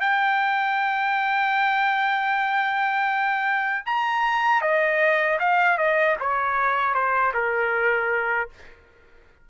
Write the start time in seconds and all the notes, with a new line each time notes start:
0.00 G5
3.85 A#5
4.61 D#5
5.39 F5
5.77 D#5
6.20 C#5
6.94 C5
7.34 A#4